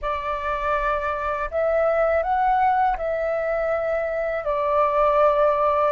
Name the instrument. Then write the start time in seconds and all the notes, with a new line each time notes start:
flute
0.01 D5
1.50 E5
2.22 F#5
2.97 E5
4.44 D5